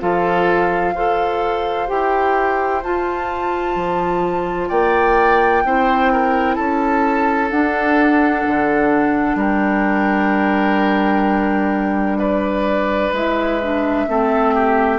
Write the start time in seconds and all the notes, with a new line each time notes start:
0.00 F3 F4 A4 F5
0.95 F4 A4 C5
1.88 E4 G4 G5
2.84 F4 A5
3.76 F3
4.69 A#3 D5 G5
5.64 C4 E4 C5
6.13 A#4
6.55 C#4 A4 A5
7.51 D4 F#5
8.47 D3
9.36 G3 A#4 G5
12.19 B4 D5
13.13 G#3 E4 E5
13.63 D4
14.08 A3 C4 A4
14.55 G4